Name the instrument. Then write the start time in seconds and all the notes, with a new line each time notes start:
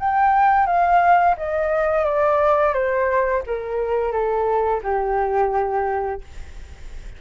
flute
0.00 G5
0.66 F5
1.38 D#5
2.05 D5
2.74 C5
3.46 A#4
4.12 A4
4.83 G4